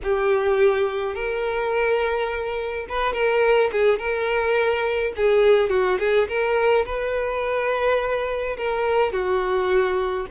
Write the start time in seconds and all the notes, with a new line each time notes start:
0.03 G4
1.15 A#4
2.88 B4
3.13 A#4
3.71 G#4
3.98 A#4
5.16 G#4
5.69 F#4
5.99 G#4
6.28 A#4
6.85 B4
8.57 A#4
9.12 F#4